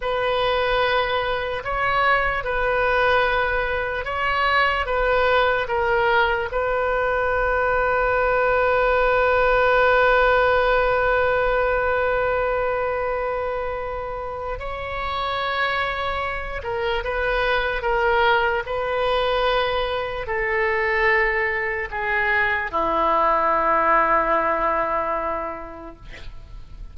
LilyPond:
\new Staff \with { instrumentName = "oboe" } { \time 4/4 \tempo 4 = 74 b'2 cis''4 b'4~ | b'4 cis''4 b'4 ais'4 | b'1~ | b'1~ |
b'2 cis''2~ | cis''8 ais'8 b'4 ais'4 b'4~ | b'4 a'2 gis'4 | e'1 | }